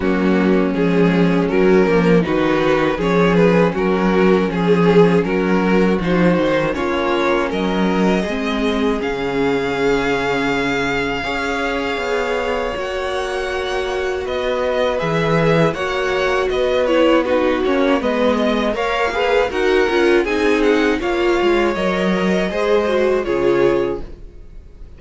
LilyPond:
<<
  \new Staff \with { instrumentName = "violin" } { \time 4/4 \tempo 4 = 80 fis'4 gis'4 ais'4 b'4 | cis''8 b'8 ais'4 gis'4 ais'4 | c''4 cis''4 dis''2 | f''1~ |
f''4 fis''2 dis''4 | e''4 fis''4 dis''8 cis''8 b'8 cis''8 | dis''4 f''4 fis''4 gis''8 fis''8 | f''4 dis''2 cis''4 | }
  \new Staff \with { instrumentName = "violin" } { \time 4/4 cis'2. fis'4 | gis'4 fis'4 gis'4 fis'4~ | fis'4 f'4 ais'4 gis'4~ | gis'2. cis''4~ |
cis''2. b'4~ | b'4 cis''4 b'4 fis'4 | b'8 dis''8 cis''8 b'8 ais'4 gis'4 | cis''2 c''4 gis'4 | }
  \new Staff \with { instrumentName = "viola" } { \time 4/4 ais4 gis4 fis8 ais8 dis'4 | cis'1 | dis'4 cis'2 c'4 | cis'2. gis'4~ |
gis'4 fis'2. | gis'4 fis'4. e'8 dis'8 cis'8 | b4 ais'8 gis'8 fis'8 f'8 dis'4 | f'4 ais'4 gis'8 fis'8 f'4 | }
  \new Staff \with { instrumentName = "cello" } { \time 4/4 fis4 f4 fis8 f8 dis4 | f4 fis4 f4 fis4 | f8 dis8 ais4 fis4 gis4 | cis2. cis'4 |
b4 ais2 b4 | e4 ais4 b4. ais8 | gis4 ais4 dis'8 cis'8 c'4 | ais8 gis8 fis4 gis4 cis4 | }
>>